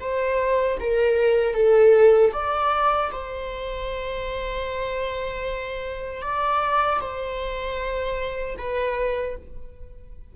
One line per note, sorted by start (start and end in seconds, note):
0.00 0.78 C5
0.80 1.54 A#4
1.54 2.32 A4
2.32 3.10 D5
3.12 6.22 C5
6.22 7.00 D5
7.00 8.56 C5
8.58 9.36 B4